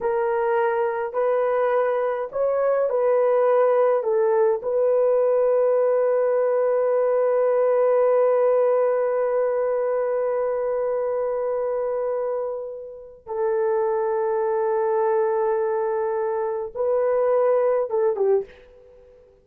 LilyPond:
\new Staff \with { instrumentName = "horn" } { \time 4/4 \tempo 4 = 104 ais'2 b'2 | cis''4 b'2 a'4 | b'1~ | b'1~ |
b'1~ | b'2. a'4~ | a'1~ | a'4 b'2 a'8 g'8 | }